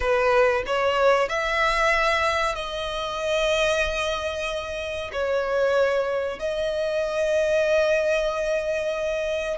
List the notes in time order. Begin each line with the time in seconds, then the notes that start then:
0.00 B4
0.66 C#5
1.29 E5
2.55 D#5
5.12 C#5
6.39 D#5